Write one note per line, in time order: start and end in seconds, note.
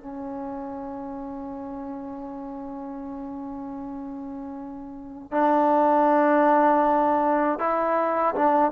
0.00 5.32 C#4
5.32 7.59 D4
7.59 8.35 E4
8.35 8.72 D4